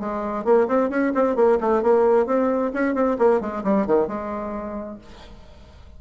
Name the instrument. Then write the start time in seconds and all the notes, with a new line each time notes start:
bassoon
0.00 G#3
0.45 A#3
0.68 C4
0.90 C#4
1.15 C4
1.36 A#3
1.61 A3
1.83 A#3
2.26 C4
2.74 C#4
2.95 C4
3.19 A#3
3.41 G#3
3.64 G3
3.87 D#3
4.08 G#3